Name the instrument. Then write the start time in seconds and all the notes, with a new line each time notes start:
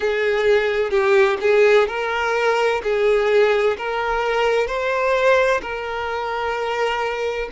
violin
0.00 G#4
0.90 G4
1.41 G#4
1.87 A#4
2.83 G#4
3.77 A#4
4.67 C5
5.61 A#4